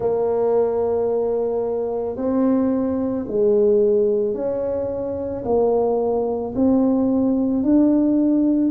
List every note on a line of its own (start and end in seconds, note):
0.00 2.16 A#3
2.16 3.25 C4
3.28 4.33 G#3
4.33 5.42 C#4
5.44 6.54 A#3
6.55 7.63 C4
7.63 8.71 D4